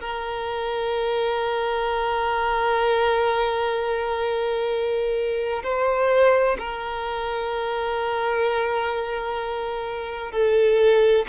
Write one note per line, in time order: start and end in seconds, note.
0.00 5.62 A#4
5.63 6.57 C5
6.58 10.31 A#4
10.31 11.25 A4